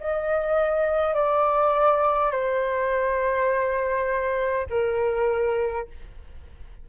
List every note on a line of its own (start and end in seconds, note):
0.00 1.14 D#5
1.14 2.32 D5
2.32 4.67 C5
4.70 5.87 A#4